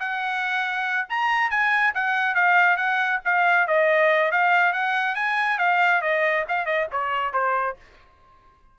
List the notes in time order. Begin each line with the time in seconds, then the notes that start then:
0.00 F#5
1.10 A#5
1.51 G#5
1.95 F#5
2.35 F5
2.77 F#5
3.25 F5
3.67 D#5
4.32 F5
4.73 F#5
5.16 G#5
5.59 F5
6.02 D#5
6.49 F5
6.66 D#5
6.92 C#5
7.34 C5